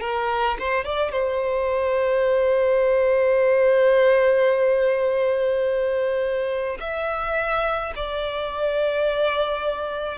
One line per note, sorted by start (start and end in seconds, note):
0.00 0.57 A#4
0.59 0.84 C5
0.84 1.12 D5
1.12 6.78 C5
6.80 7.93 E5
7.95 10.18 D5